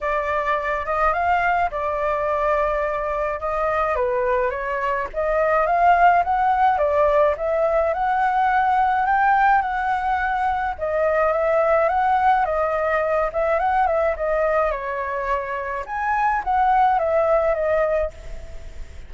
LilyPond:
\new Staff \with { instrumentName = "flute" } { \time 4/4 \tempo 4 = 106 d''4. dis''8 f''4 d''4~ | d''2 dis''4 b'4 | cis''4 dis''4 f''4 fis''4 | d''4 e''4 fis''2 |
g''4 fis''2 dis''4 | e''4 fis''4 dis''4. e''8 | fis''8 e''8 dis''4 cis''2 | gis''4 fis''4 e''4 dis''4 | }